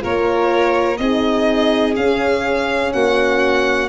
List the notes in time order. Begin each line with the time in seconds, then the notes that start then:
0.00 A#3 F4 A#4 C#5
0.98 C4 D#4 G#4 D#5
1.96 C#4 F5
2.93 A#3 F#4 F#5